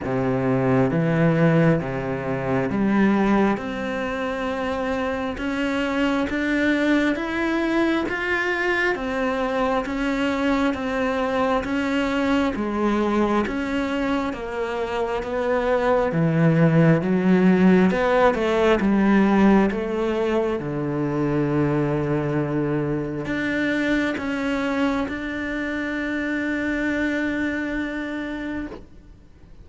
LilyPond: \new Staff \with { instrumentName = "cello" } { \time 4/4 \tempo 4 = 67 c4 e4 c4 g4 | c'2 cis'4 d'4 | e'4 f'4 c'4 cis'4 | c'4 cis'4 gis4 cis'4 |
ais4 b4 e4 fis4 | b8 a8 g4 a4 d4~ | d2 d'4 cis'4 | d'1 | }